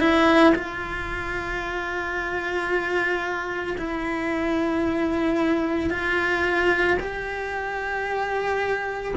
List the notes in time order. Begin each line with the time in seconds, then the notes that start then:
0.00 E4
0.56 F4
3.78 E4
5.90 F4
7.00 G4